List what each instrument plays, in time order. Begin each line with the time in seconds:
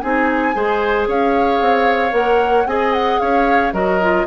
0.00 bassoon C4, clarinet D#4, oboe G#4, flute G#5
0.53 bassoon G#3, clarinet G#4, oboe C5
1.07 bassoon C#4, oboe C#5, flute F5
1.60 bassoon C4
2.10 bassoon A#3, clarinet A#4, flute F#5
2.65 bassoon C4, clarinet G#4, oboe D#5, flute G#5
2.93 flute F#5
3.19 bassoon C#4, oboe C#5, flute F5
3.73 bassoon F#3, clarinet F#4, oboe A#4, flute D#5
4.01 clarinet F4